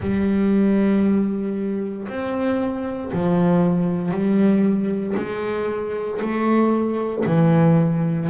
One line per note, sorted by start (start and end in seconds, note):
0.00 2.07 G3
2.08 3.11 C4
3.13 4.11 F3
4.11 5.14 G3
5.17 6.20 G#3
6.21 7.24 A3
7.26 8.29 E3